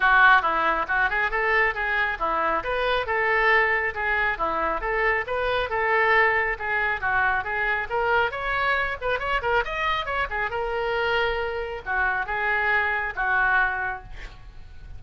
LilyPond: \new Staff \with { instrumentName = "oboe" } { \time 4/4 \tempo 4 = 137 fis'4 e'4 fis'8 gis'8 a'4 | gis'4 e'4 b'4 a'4~ | a'4 gis'4 e'4 a'4 | b'4 a'2 gis'4 |
fis'4 gis'4 ais'4 cis''4~ | cis''8 b'8 cis''8 ais'8 dis''4 cis''8 gis'8 | ais'2. fis'4 | gis'2 fis'2 | }